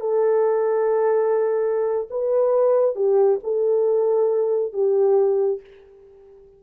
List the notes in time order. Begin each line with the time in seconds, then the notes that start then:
0.00 A4
2.10 B4
2.95 G4
3.43 A4
4.73 G4